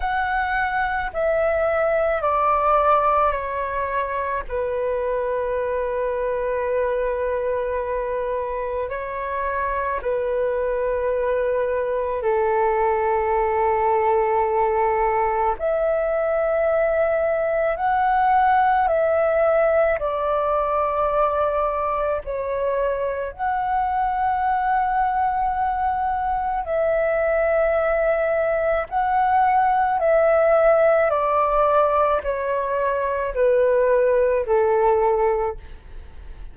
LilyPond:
\new Staff \with { instrumentName = "flute" } { \time 4/4 \tempo 4 = 54 fis''4 e''4 d''4 cis''4 | b'1 | cis''4 b'2 a'4~ | a'2 e''2 |
fis''4 e''4 d''2 | cis''4 fis''2. | e''2 fis''4 e''4 | d''4 cis''4 b'4 a'4 | }